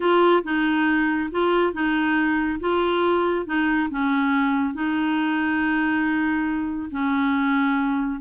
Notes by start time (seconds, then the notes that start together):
0.00 F4
0.43 D#4
1.31 F4
1.73 D#4
2.59 F4
3.45 D#4
3.90 C#4
4.73 D#4
6.91 C#4